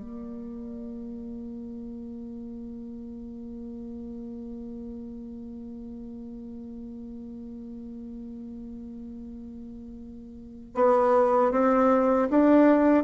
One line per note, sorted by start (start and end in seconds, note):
0.00 10.75 A#3
10.75 11.52 B3
11.52 12.29 C4
12.31 13.04 D4